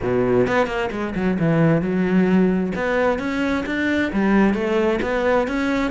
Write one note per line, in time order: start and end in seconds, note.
0.02 0.47 B2
0.47 0.66 B3
0.66 0.89 A#3
0.91 1.14 G#3
1.15 1.38 F#3
1.39 1.81 E3
1.81 2.72 F#3
2.75 3.18 B3
3.18 3.64 C#4
3.66 4.11 D4
4.12 4.54 G3
4.54 4.99 A3
5.02 5.47 B3
5.47 5.91 C#4